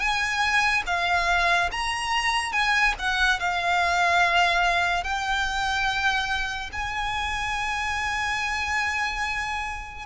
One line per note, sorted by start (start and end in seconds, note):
0.00 0.83 G#5
0.87 1.70 F5
1.72 2.53 A#5
2.53 2.95 G#5
2.99 3.40 F#5
3.40 5.04 F5
5.04 6.71 G5
6.73 10.06 G#5